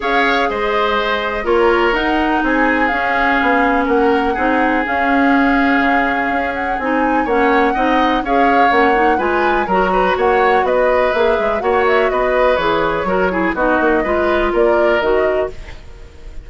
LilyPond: <<
  \new Staff \with { instrumentName = "flute" } { \time 4/4 \tempo 4 = 124 f''4 dis''2 cis''4 | fis''4 gis''4 f''2 | fis''2 f''2~ | f''4. fis''8 gis''4 fis''4~ |
fis''4 f''4 fis''4 gis''4 | ais''4 fis''4 dis''4 e''4 | fis''8 e''8 dis''4 cis''2 | dis''2 d''4 dis''4 | }
  \new Staff \with { instrumentName = "oboe" } { \time 4/4 cis''4 c''2 ais'4~ | ais'4 gis'2. | ais'4 gis'2.~ | gis'2. cis''4 |
dis''4 cis''2 b'4 | ais'8 b'8 cis''4 b'2 | cis''4 b'2 ais'8 gis'8 | fis'4 b'4 ais'2 | }
  \new Staff \with { instrumentName = "clarinet" } { \time 4/4 gis'2. f'4 | dis'2 cis'2~ | cis'4 dis'4 cis'2~ | cis'2 dis'4 cis'4 |
dis'4 gis'4 cis'8 dis'8 f'4 | fis'2. gis'4 | fis'2 gis'4 fis'8 e'8 | dis'4 f'2 fis'4 | }
  \new Staff \with { instrumentName = "bassoon" } { \time 4/4 cis'4 gis2 ais4 | dis'4 c'4 cis'4 b4 | ais4 c'4 cis'2 | cis4 cis'4 c'4 ais4 |
c'4 cis'4 ais4 gis4 | fis4 ais4 b4 ais8 gis8 | ais4 b4 e4 fis4 | b8 ais8 gis4 ais4 dis4 | }
>>